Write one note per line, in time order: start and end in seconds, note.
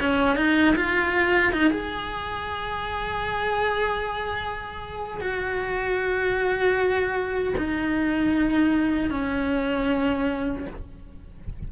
0.00 0.36 C#4
0.36 0.75 D#4
0.76 1.53 F4
1.53 1.71 D#4
1.71 5.21 G#4
5.21 7.55 F#4
7.58 9.11 D#4
9.11 10.67 C#4